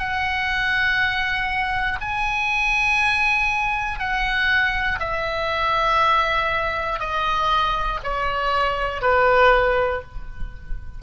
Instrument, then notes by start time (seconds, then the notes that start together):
oboe
0.00 F#5
2.01 G#5
4.00 F#5
5.00 E5
7.00 D#5
8.04 C#5
9.02 B4